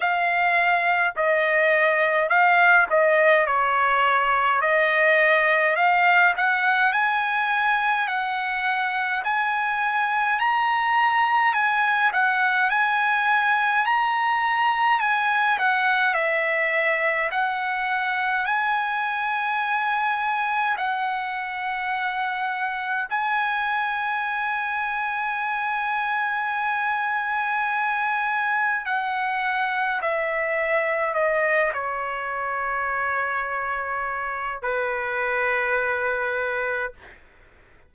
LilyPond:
\new Staff \with { instrumentName = "trumpet" } { \time 4/4 \tempo 4 = 52 f''4 dis''4 f''8 dis''8 cis''4 | dis''4 f''8 fis''8 gis''4 fis''4 | gis''4 ais''4 gis''8 fis''8 gis''4 | ais''4 gis''8 fis''8 e''4 fis''4 |
gis''2 fis''2 | gis''1~ | gis''4 fis''4 e''4 dis''8 cis''8~ | cis''2 b'2 | }